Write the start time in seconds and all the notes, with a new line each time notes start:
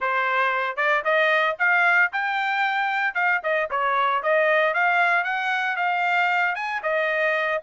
0.00 C5
0.76 D5
1.04 D#5
1.58 F5
2.12 G5
3.14 F5
3.43 D#5
3.70 C#5
4.22 D#5
4.74 F5
5.24 F#5
5.76 F5
6.55 G#5
6.82 D#5